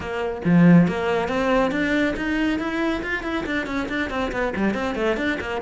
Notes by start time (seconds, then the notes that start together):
0.00 A#3
0.44 F3
0.87 A#3
1.28 C4
1.71 D4
2.16 D#4
2.59 E4
3.02 F4
3.23 E4
3.45 D4
3.66 C#4
3.88 D4
4.10 C4
4.31 B3
4.55 G3
4.74 C4
4.95 A3
5.17 D4
5.40 A#3